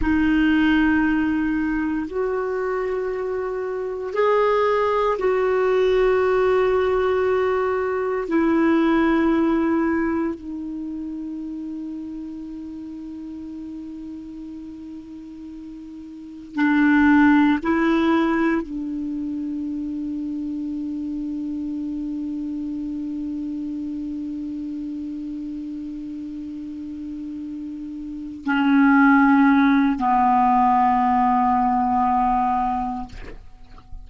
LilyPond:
\new Staff \with { instrumentName = "clarinet" } { \time 4/4 \tempo 4 = 58 dis'2 fis'2 | gis'4 fis'2. | e'2 dis'2~ | dis'1 |
d'4 e'4 d'2~ | d'1~ | d'2.~ d'8 cis'8~ | cis'4 b2. | }